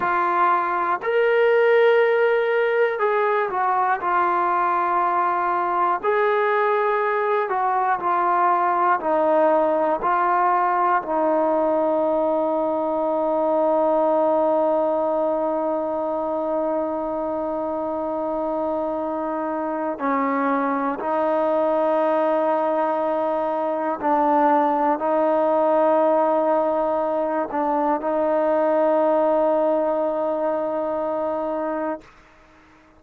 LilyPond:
\new Staff \with { instrumentName = "trombone" } { \time 4/4 \tempo 4 = 60 f'4 ais'2 gis'8 fis'8 | f'2 gis'4. fis'8 | f'4 dis'4 f'4 dis'4~ | dis'1~ |
dis'1 | cis'4 dis'2. | d'4 dis'2~ dis'8 d'8 | dis'1 | }